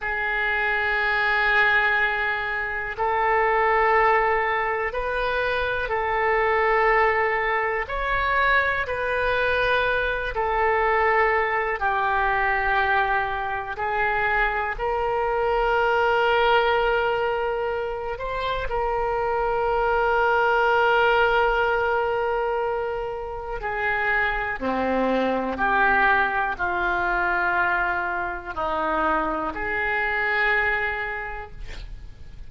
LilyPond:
\new Staff \with { instrumentName = "oboe" } { \time 4/4 \tempo 4 = 61 gis'2. a'4~ | a'4 b'4 a'2 | cis''4 b'4. a'4. | g'2 gis'4 ais'4~ |
ais'2~ ais'8 c''8 ais'4~ | ais'1 | gis'4 c'4 g'4 f'4~ | f'4 dis'4 gis'2 | }